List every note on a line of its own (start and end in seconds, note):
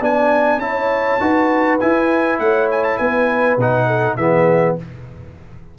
0.00 0.57 B3
0.00 0.61 D4
0.00 0.60 D5
0.00 0.59 G#5
0.57 1.16 C#4
0.57 1.20 E4
0.57 1.78 A5
0.65 1.21 C#5
1.20 1.79 D#4
1.20 1.79 F#4
1.20 2.40 B4
1.79 3.59 E4
1.79 2.39 E4
1.79 2.38 G#5
2.39 2.98 A3
2.39 2.98 C#5
2.39 2.68 F#5
2.70 2.83 G#5
2.83 2.97 A5
2.97 3.57 B3
2.97 3.86 B4
2.97 3.57 G#5
3.57 4.16 B2
3.57 4.19 D#4
3.57 4.16 F#5
3.86 4.16 A4
4.16 4.76 E3
4.16 4.78 B3
4.16 4.77 G#4
4.16 4.75 E5